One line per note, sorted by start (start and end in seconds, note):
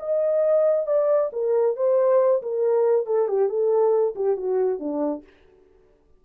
0.00 0.87 D#5
0.87 1.31 D5
1.33 1.77 A#4
1.77 2.42 C5
2.42 3.07 A#4
3.07 3.29 A4
3.29 3.49 G4
3.49 4.15 A4
4.16 4.37 G4
4.37 4.80 F#4
4.80 5.24 D4